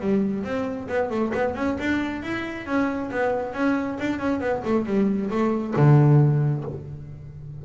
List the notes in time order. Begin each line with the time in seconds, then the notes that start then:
0.00 G3
0.44 C4
0.88 B3
1.10 A3
1.34 B3
1.55 C#4
1.79 D4
2.22 E4
2.66 C#4
3.11 B3
3.53 C#4
3.99 D4
4.19 C#4
4.40 B3
4.64 A3
4.85 G3
5.30 A3
5.76 D3